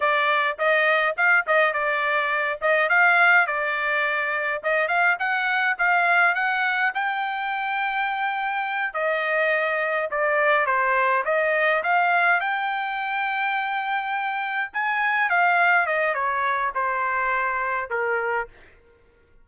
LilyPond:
\new Staff \with { instrumentName = "trumpet" } { \time 4/4 \tempo 4 = 104 d''4 dis''4 f''8 dis''8 d''4~ | d''8 dis''8 f''4 d''2 | dis''8 f''8 fis''4 f''4 fis''4 | g''2.~ g''8 dis''8~ |
dis''4. d''4 c''4 dis''8~ | dis''8 f''4 g''2~ g''8~ | g''4. gis''4 f''4 dis''8 | cis''4 c''2 ais'4 | }